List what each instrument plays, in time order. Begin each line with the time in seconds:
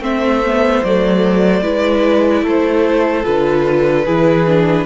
0.00 cello A3, viola C4, violin C5 E5
0.45 viola B3
0.84 cello F#3, viola A3, violin D5
1.62 cello G#3, viola E4, violin B4
2.42 cello A3, violin A4 C5
3.24 cello D3, viola F4, violin B4
4.06 cello E3, viola E4, violin G#4
4.47 viola D4